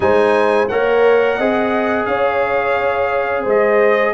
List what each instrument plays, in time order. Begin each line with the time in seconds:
0.00 tuba G#3, trombone D#4, horn C5, trumpet G#5
0.68 tuba A#3, trombone A#4, horn C#5, trumpet F#5
1.37 tuba C4, trombone G#4, horn D#5
2.05 tuba C#4, horn C#5, trumpet F5
3.42 tuba G#3, horn C5
3.48 trumpet D#5